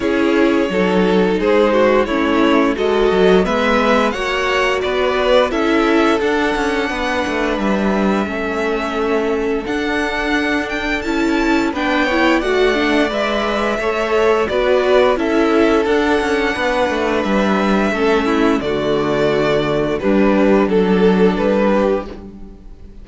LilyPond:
<<
  \new Staff \with { instrumentName = "violin" } { \time 4/4 \tempo 4 = 87 cis''2 c''4 cis''4 | dis''4 e''4 fis''4 d''4 | e''4 fis''2 e''4~ | e''2 fis''4. g''8 |
a''4 g''4 fis''4 e''4~ | e''4 d''4 e''4 fis''4~ | fis''4 e''2 d''4~ | d''4 b'4 a'4 b'4 | }
  \new Staff \with { instrumentName = "violin" } { \time 4/4 gis'4 a'4 gis'8 fis'8 e'4 | a'4 b'4 cis''4 b'4 | a'2 b'2 | a'1~ |
a'4 b'8 cis''8 d''2 | cis''4 b'4 a'2 | b'2 a'8 e'8 fis'4~ | fis'4 d'4 a'4. g'8 | }
  \new Staff \with { instrumentName = "viola" } { \time 4/4 e'4 dis'2 cis'4 | fis'4 b4 fis'2 | e'4 d'2. | cis'2 d'2 |
e'4 d'8 e'8 fis'8 d'8 b'4 | a'4 fis'4 e'4 d'4~ | d'2 cis'4 a4~ | a4 g4 d'2 | }
  \new Staff \with { instrumentName = "cello" } { \time 4/4 cis'4 fis4 gis4 a4 | gis8 fis8 gis4 ais4 b4 | cis'4 d'8 cis'8 b8 a8 g4 | a2 d'2 |
cis'4 b4 a4 gis4 | a4 b4 cis'4 d'8 cis'8 | b8 a8 g4 a4 d4~ | d4 g4 fis4 g4 | }
>>